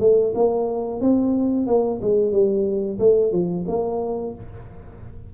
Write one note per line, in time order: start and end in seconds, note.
0.00 0.33 A3
0.35 1.01 A#3
1.01 1.67 C4
1.67 2.00 A#3
2.02 2.32 G#3
2.32 2.98 G3
2.99 3.32 A3
3.32 3.65 F3
3.68 4.34 A#3